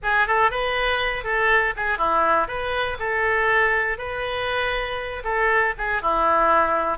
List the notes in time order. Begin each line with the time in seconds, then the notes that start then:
0.02 G#4
0.27 A4
0.50 B4
1.23 A4
1.76 G#4
1.97 E4
2.47 B4
2.99 A4
3.97 B4
5.24 A4
5.77 G#4
6.01 E4